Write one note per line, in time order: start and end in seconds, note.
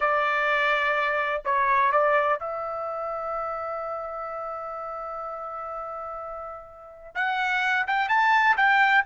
0.00 1.42 D5
1.44 1.92 C#5
1.92 2.39 D5
2.39 7.15 E5
7.15 7.86 F#5
7.87 8.08 G5
8.08 8.56 A5
8.56 9.04 G5